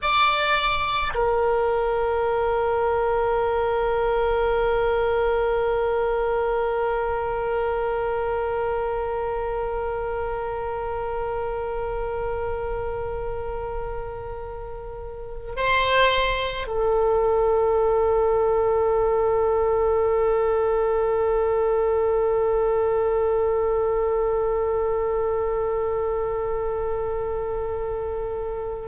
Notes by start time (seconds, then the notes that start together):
0.02 D5
1.14 A#4
15.56 C5
16.67 A4